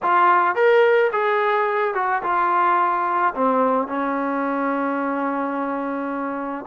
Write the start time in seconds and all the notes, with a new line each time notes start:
0.02 F4
0.55 A#4
1.12 G#4
1.94 F#4
2.22 F4
3.34 C4
3.87 C#4